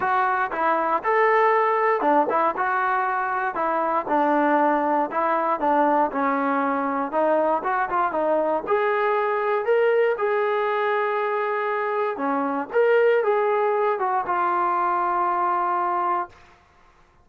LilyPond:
\new Staff \with { instrumentName = "trombone" } { \time 4/4 \tempo 4 = 118 fis'4 e'4 a'2 | d'8 e'8 fis'2 e'4 | d'2 e'4 d'4 | cis'2 dis'4 fis'8 f'8 |
dis'4 gis'2 ais'4 | gis'1 | cis'4 ais'4 gis'4. fis'8 | f'1 | }